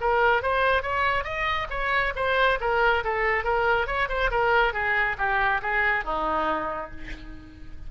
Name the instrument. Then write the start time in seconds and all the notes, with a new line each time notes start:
oboe
0.00 A#4
0.42 C5
0.82 C#5
1.24 D#5
1.70 C#5
2.15 C5
2.60 A#4
3.03 A4
3.44 A#4
3.86 C#5
4.08 C5
4.30 A#4
4.73 G#4
5.18 G4
5.62 G#4
6.04 D#4